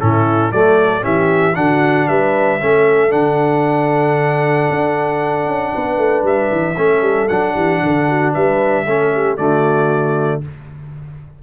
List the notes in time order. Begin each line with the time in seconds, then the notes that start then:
0.00 A2 C#4 E4 A4
0.51 F#3 A3 A4 D5
1.01 E3 C#4 G4 E5
1.55 D3 D4 F#4 F#5
2.07 G3 B4 E5
2.60 A3 C#4 A4
3.10 D3 D4 F#5
4.70 D4
5.46 C#4
5.74 B3 B4
5.97 A3
6.23 G3 E5
6.51 E3
6.76 A3 C#4 A4
7.01 G3
7.28 F#3 D4 F#5
7.53 E3 G4
7.82 D3 A4
8.08 F#4
8.33 G3 B4 E5
8.86 A3 C#4 A4
9.13 G4
9.37 D3 A3 F#4 D5